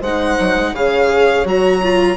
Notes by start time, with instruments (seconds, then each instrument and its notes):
0.00 bassoon G#3, horn C5, violin F#5
0.06 viola D#4
0.40 bassoon F#3
0.56 bassoon G#3
0.73 bassoon C#3, viola G#4, horn C#5, violin F5
1.45 bassoon F#3, viola F#4, violin A#5
1.83 viola F4